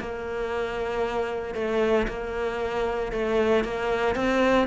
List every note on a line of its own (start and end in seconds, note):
0.00 1.55 A#3
1.55 2.07 A3
2.08 3.12 A#3
3.12 3.64 A3
3.64 4.15 A#3
4.15 4.67 C4